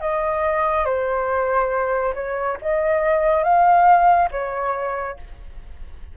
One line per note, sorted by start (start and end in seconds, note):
0.00 0.85 D#5
0.85 2.14 C5
2.14 2.57 C#5
2.61 3.44 D#5
3.44 4.29 F5
4.31 5.17 C#5